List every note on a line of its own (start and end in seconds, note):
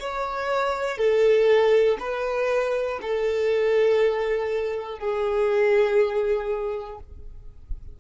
0.00 0.98 C#5
0.98 1.98 A4
2.00 3.00 B4
3.02 4.99 A4
4.99 6.99 G#4